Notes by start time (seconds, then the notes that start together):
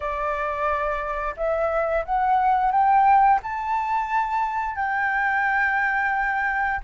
0.00 D5
1.36 E5
2.05 F#5
2.71 G5
3.42 A5
4.75 G5